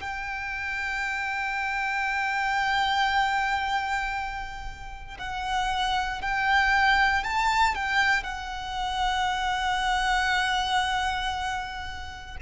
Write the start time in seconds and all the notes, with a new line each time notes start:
0.00 G5
5.18 F#5
6.21 G5
7.23 A5
7.74 G5
8.23 F#5